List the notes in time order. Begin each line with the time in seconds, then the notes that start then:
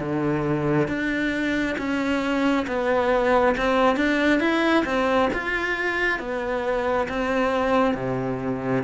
0.00 D3
0.88 D4
1.78 C#4
2.68 B3
3.57 C4
3.97 D4
4.40 E4
4.86 C4
5.34 F4
6.20 B3
7.09 C4
7.95 C3